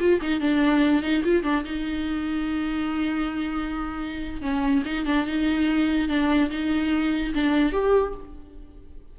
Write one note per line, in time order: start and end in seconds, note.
0.00 0.21 F4
0.22 0.41 D#4
0.41 1.03 D4
1.03 1.23 D#4
1.24 1.44 F4
1.44 1.64 D4
1.65 4.42 D#4
4.42 4.83 C#4
4.85 5.06 D#4
5.06 5.27 D4
5.27 6.09 D#4
6.09 6.50 D4
6.51 7.34 D#4
7.35 7.73 D4
7.73 8.14 G4